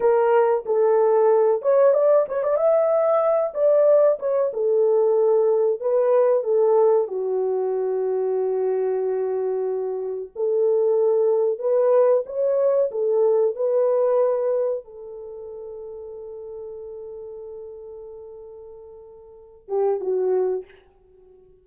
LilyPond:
\new Staff \with { instrumentName = "horn" } { \time 4/4 \tempo 4 = 93 ais'4 a'4. cis''8 d''8 cis''16 d''16 | e''4. d''4 cis''8 a'4~ | a'4 b'4 a'4 fis'4~ | fis'1 |
a'2 b'4 cis''4 | a'4 b'2 a'4~ | a'1~ | a'2~ a'8 g'8 fis'4 | }